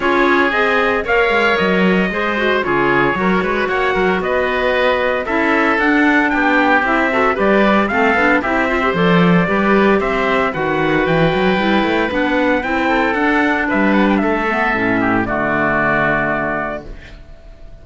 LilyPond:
<<
  \new Staff \with { instrumentName = "trumpet" } { \time 4/4 \tempo 4 = 114 cis''4 dis''4 f''4 dis''4~ | dis''4 cis''2 fis''4 | dis''2 e''4 fis''4 | g''4 e''4 d''4 f''4 |
e''4 d''2 e''4 | fis''4 g''2 fis''4 | g''4 fis''4 e''8 fis''16 g''16 e''4~ | e''4 d''2. | }
  \new Staff \with { instrumentName = "oboe" } { \time 4/4 gis'2 cis''2 | c''4 gis'4 ais'8 b'8 cis''8 ais'8 | b'2 a'2 | g'4. a'8 b'4 a'4 |
g'8 c''4. b'4 c''4 | b'1~ | b'8 a'4. b'4 a'4~ | a'8 g'8 fis'2. | }
  \new Staff \with { instrumentName = "clarinet" } { \time 4/4 f'4 gis'4 ais'2 | gis'8 fis'8 f'4 fis'2~ | fis'2 e'4 d'4~ | d'4 e'8 fis'8 g'4 c'8 d'8 |
e'8 f'16 g'16 a'4 g'2 | fis'2 e'4 d'4 | e'4 d'2~ d'8 b8 | cis'4 a2. | }
  \new Staff \with { instrumentName = "cello" } { \time 4/4 cis'4 c'4 ais8 gis8 fis4 | gis4 cis4 fis8 gis8 ais8 fis8 | b2 cis'4 d'4 | b4 c'4 g4 a8 b8 |
c'4 f4 g4 c'4 | dis4 e8 fis8 g8 a8 b4 | c'4 d'4 g4 a4 | a,4 d2. | }
>>